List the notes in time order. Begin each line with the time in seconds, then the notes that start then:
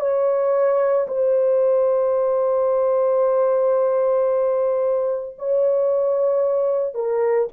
0.00 C#5
1.08 C5
5.39 C#5
6.94 A#4